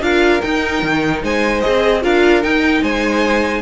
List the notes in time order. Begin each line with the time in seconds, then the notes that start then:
0.00 D4 F4 A#4 F5
0.41 D#4 G5
0.82 D#3
1.22 G#3 C5 G#5
1.60 G#4 D#5
1.67 C4
2.02 D4 F4 A#4 F5
2.42 D#4 G5
2.81 G#3 C5 G#5